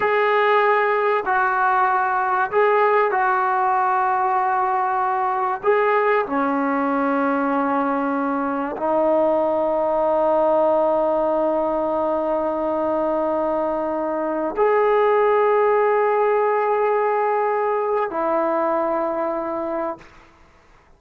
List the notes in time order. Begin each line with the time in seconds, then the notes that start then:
0.00 G#4
1.25 F#4
2.51 G#4
3.11 F#4
5.63 G#4
6.26 C#4
8.77 D#4
14.56 G#4
18.10 E4